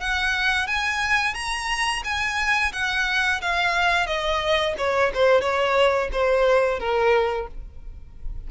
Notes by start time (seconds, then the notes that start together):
0.00 F#5
0.67 G#5
1.34 A#5
2.04 G#5
2.73 F#5
3.41 F5
4.07 D#5
4.78 C#5
5.14 C5
5.41 C#5
6.12 C5
6.79 A#4